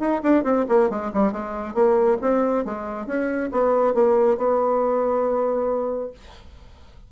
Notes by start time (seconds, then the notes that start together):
0.00 D#4
0.24 D4
0.44 C4
0.69 A#3
0.90 G#3
1.14 G3
1.32 G#3
1.75 A#3
2.22 C4
2.65 G#3
3.07 C#4
3.52 B3
3.95 A#3
4.38 B3